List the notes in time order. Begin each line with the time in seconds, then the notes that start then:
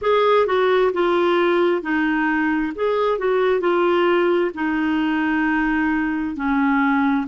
0.01 G#4
0.46 F#4
0.93 F4
1.82 D#4
2.75 G#4
3.18 F#4
3.60 F4
4.54 D#4
6.36 C#4